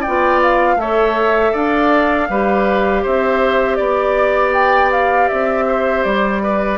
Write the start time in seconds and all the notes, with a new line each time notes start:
0.00 D5 G5
0.06 B3 F4
0.43 F5
0.76 A3 A4 C#5 E5
1.53 D4 D5 F5
2.29 G3 G4 B4
3.03 C4 C5 E5
3.75 B3 D5
4.53 G5
4.92 F5
5.29 C4 E5
5.68 C5
6.03 G3 D5
6.43 B4